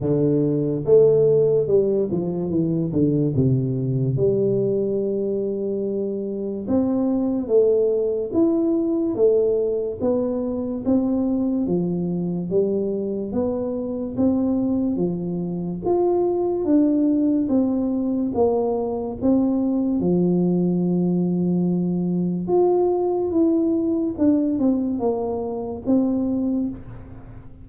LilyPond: \new Staff \with { instrumentName = "tuba" } { \time 4/4 \tempo 4 = 72 d4 a4 g8 f8 e8 d8 | c4 g2. | c'4 a4 e'4 a4 | b4 c'4 f4 g4 |
b4 c'4 f4 f'4 | d'4 c'4 ais4 c'4 | f2. f'4 | e'4 d'8 c'8 ais4 c'4 | }